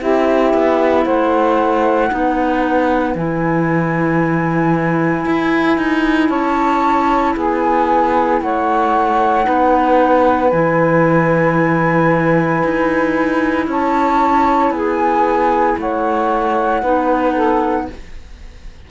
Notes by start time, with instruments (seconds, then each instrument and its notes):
0.00 cello C4, clarinet E4, saxophone G4, flute E5
0.53 cello B3
1.04 cello A3, saxophone C5, flute F#5
2.09 cello B3, clarinet D#4, saxophone B4
3.14 cello E3, clarinet E4, flute G#5
5.25 cello E4
5.77 cello D#4
6.29 cello C#4, saxophone C#5, flute A5
7.36 cello B3, saxophone G#4, flute G#5
8.40 cello A3, saxophone C#5, flute F#5
9.43 cello B3, clarinet D#4, saxophone B4
10.50 cello E3, clarinet E4, flute G#5
12.64 cello D#4
13.67 cello C#4, saxophone C#5, flute A5
14.70 cello B3, saxophone G#4, flute G#5
15.77 cello A3, saxophone C#5, flute F#5
16.81 cello B3, clarinet D#4, saxophone B4
17.33 saxophone A4